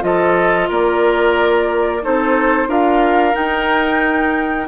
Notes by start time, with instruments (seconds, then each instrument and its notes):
0.00 bassoon F3, clarinet F4, oboe A4, flute D#5
0.68 bassoon A#3, oboe A#4, flute D5
2.01 bassoon C4, clarinet D#4, oboe A4, flute C5
2.67 bassoon D4, clarinet F4, oboe A#4, flute F5
3.33 clarinet D#4, bassoon D#4, flute G5